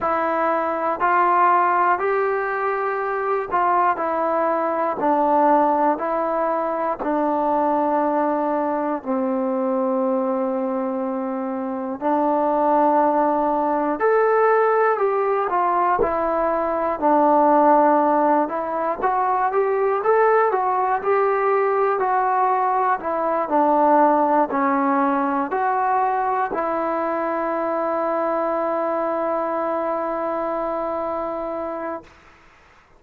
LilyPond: \new Staff \with { instrumentName = "trombone" } { \time 4/4 \tempo 4 = 60 e'4 f'4 g'4. f'8 | e'4 d'4 e'4 d'4~ | d'4 c'2. | d'2 a'4 g'8 f'8 |
e'4 d'4. e'8 fis'8 g'8 | a'8 fis'8 g'4 fis'4 e'8 d'8~ | d'8 cis'4 fis'4 e'4.~ | e'1 | }